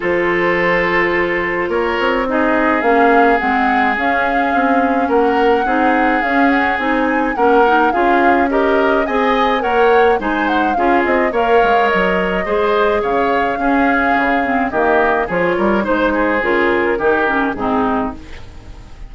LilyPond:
<<
  \new Staff \with { instrumentName = "flute" } { \time 4/4 \tempo 4 = 106 c''2. cis''4 | dis''4 f''4 fis''4 f''4~ | f''4 fis''2 f''8 fis''8 | gis''4 fis''4 f''4 dis''4 |
gis''4 fis''4 gis''8 fis''8 f''8 dis''8 | f''4 dis''2 f''4~ | f''2 dis''4 cis''4 | c''4 ais'2 gis'4 | }
  \new Staff \with { instrumentName = "oboe" } { \time 4/4 a'2. ais'4 | gis'1~ | gis'4 ais'4 gis'2~ | gis'4 ais'4 gis'4 ais'4 |
dis''4 cis''4 c''4 gis'4 | cis''2 c''4 cis''4 | gis'2 g'4 gis'8 ais'8 | c''8 gis'4. g'4 dis'4 | }
  \new Staff \with { instrumentName = "clarinet" } { \time 4/4 f'1 | dis'4 cis'4 c'4 cis'4~ | cis'2 dis'4 cis'4 | dis'4 cis'8 dis'8 f'4 g'4 |
gis'4 ais'4 dis'4 f'4 | ais'2 gis'2 | cis'4. c'8 ais4 f'4 | dis'4 f'4 dis'8 cis'8 c'4 | }
  \new Staff \with { instrumentName = "bassoon" } { \time 4/4 f2. ais8 c'8~ | c'4 ais4 gis4 cis'4 | c'4 ais4 c'4 cis'4 | c'4 ais4 cis'2 |
c'4 ais4 gis4 cis'8 c'8 | ais8 gis8 fis4 gis4 cis4 | cis'4 cis4 dis4 f8 g8 | gis4 cis4 dis4 gis,4 | }
>>